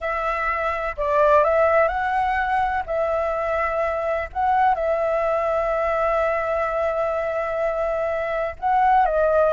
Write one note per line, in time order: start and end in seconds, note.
0.00 0.96 E5
0.97 1.44 D5
1.44 1.88 E5
1.88 2.83 F#5
2.86 4.29 E5
4.32 4.74 F#5
4.74 8.55 E5
8.59 9.05 F#5
9.05 9.53 D#5